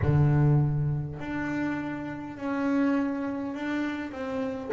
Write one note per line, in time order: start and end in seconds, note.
0.02 1.19 D3
1.19 2.36 D4
2.36 3.54 C#4
3.54 4.11 D4
4.11 4.70 C4